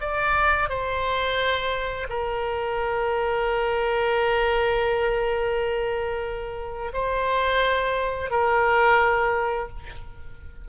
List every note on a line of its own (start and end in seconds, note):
0.00 0.69 D5
0.69 2.07 C5
2.09 6.92 A#4
6.93 8.30 C5
8.30 9.68 A#4